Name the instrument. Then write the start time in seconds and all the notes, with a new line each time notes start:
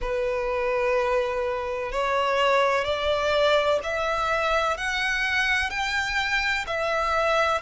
violin
0.01 B4
1.92 C#5
2.84 D5
3.83 E5
4.77 F#5
5.69 G5
6.66 E5